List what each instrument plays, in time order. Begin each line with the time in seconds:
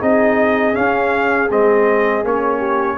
0.00 tuba C4, trombone D#4, horn G#4, trumpet D#5
0.74 trombone C#4, tuba C#4, trumpet F5
1.51 tuba G#3, trombone C4, trumpet D#5
2.24 tuba A#3, trombone C#4, trumpet C#5
2.59 horn G4